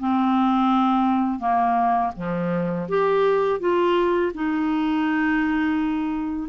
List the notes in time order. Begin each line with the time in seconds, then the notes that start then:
0.00 C4
1.40 A#3
2.16 F3
2.89 G4
3.60 F4
4.35 D#4